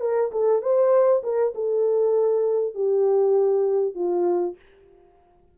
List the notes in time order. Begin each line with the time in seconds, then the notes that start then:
0.00 A#4
0.31 A4
0.61 C5
1.23 A#4
1.54 A4
2.74 G4
3.94 F4